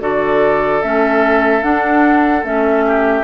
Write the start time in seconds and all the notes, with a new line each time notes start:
0.00 D3 F#4 A4 D5
0.82 A3 C#4 E5
1.62 D4 F#5
2.43 A3 C#4 E5
2.86 G4